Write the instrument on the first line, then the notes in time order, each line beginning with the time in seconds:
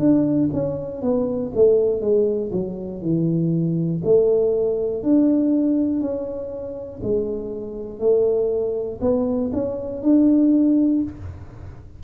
tuba
0.00 D4
0.54 C#4
1.02 B3
1.55 A3
2.02 G#3
2.52 F#3
3.02 E3
4.05 A3
5.04 D4
6.01 C#4
7.04 G#3
8.00 A3
9.01 B3
9.54 C#4
10.03 D4